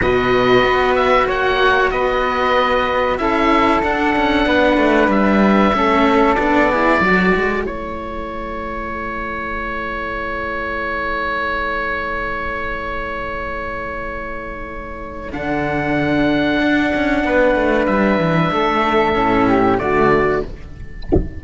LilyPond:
<<
  \new Staff \with { instrumentName = "oboe" } { \time 4/4 \tempo 4 = 94 dis''4. e''8 fis''4 dis''4~ | dis''4 e''4 fis''2 | e''2 d''2 | cis''1~ |
cis''1~ | cis''1 | fis''1 | e''2. d''4 | }
  \new Staff \with { instrumentName = "flute" } { \time 4/4 b'2 cis''4 b'4~ | b'4 a'2 b'4~ | b'4 a'4. gis'8 a'4~ | a'1~ |
a'1~ | a'1~ | a'2. b'4~ | b'4 a'4. g'8 fis'4 | }
  \new Staff \with { instrumentName = "cello" } { \time 4/4 fis'1~ | fis'4 e'4 d'2~ | d'4 cis'4 d'8 e'8 fis'4 | e'1~ |
e'1~ | e'1 | d'1~ | d'2 cis'4 a4 | }
  \new Staff \with { instrumentName = "cello" } { \time 4/4 b,4 b4 ais4 b4~ | b4 cis'4 d'8 cis'8 b8 a8 | g4 a4 b4 fis8 gis8 | a1~ |
a1~ | a1 | d2 d'8 cis'8 b8 a8 | g8 e8 a4 a,4 d4 | }
>>